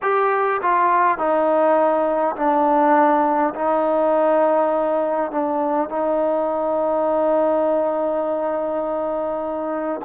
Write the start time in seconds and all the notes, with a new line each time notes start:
0.02 G4
0.61 F4
1.18 D#4
2.36 D4
3.55 D#4
5.30 D4
5.89 D#4